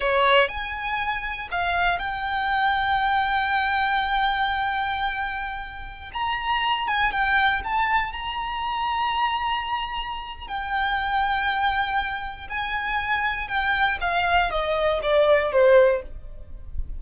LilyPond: \new Staff \with { instrumentName = "violin" } { \time 4/4 \tempo 4 = 120 cis''4 gis''2 f''4 | g''1~ | g''1~ | g''16 ais''4. gis''8 g''4 a''8.~ |
a''16 ais''2.~ ais''8.~ | ais''4 g''2.~ | g''4 gis''2 g''4 | f''4 dis''4 d''4 c''4 | }